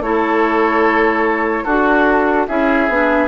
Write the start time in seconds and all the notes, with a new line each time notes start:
0.00 A3 E4 A4 C#5
1.64 D4 F#4 A4
2.48 C#4 E4 G#4 E5
2.89 B3 D4